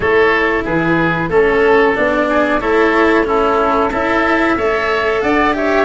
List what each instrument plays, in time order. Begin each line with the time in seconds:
0.00 tuba A3, cello E4, oboe A4, flute C#5
0.64 tuba E3, oboe G#4, flute B4
1.28 tuba A3, cello C#4, oboe A4, flute A4
1.94 tuba B3, cello D4, flute D5
2.29 oboe G#4
2.60 tuba A3, cello E4, oboe A4, flute C#5
3.24 cello C#4, oboe E4, flute A4
3.90 tuba C#4, cello E4, oboe A4, flute E5
4.56 tuba A3, cello A4, oboe C#5
5.21 tuba D4, oboe D5, flute F#5
5.53 cello G4, oboe C#5, flute E5